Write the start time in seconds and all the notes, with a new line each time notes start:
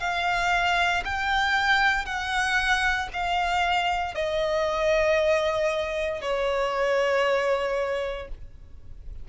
0.00 F5
1.04 G5
2.05 F#5
3.13 F5
4.14 D#5
6.21 C#5